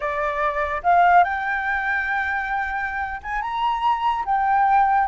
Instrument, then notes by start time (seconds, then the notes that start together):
flute
0.00 D5
0.83 F5
1.24 G5
3.23 G#5
3.41 A#5
4.25 G5